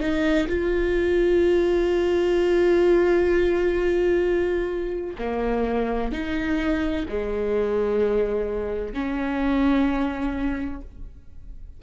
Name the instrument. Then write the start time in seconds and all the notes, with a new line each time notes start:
viola
0.00 D#4
0.48 F4
5.18 A#3
6.12 D#4
7.08 G#3
8.94 C#4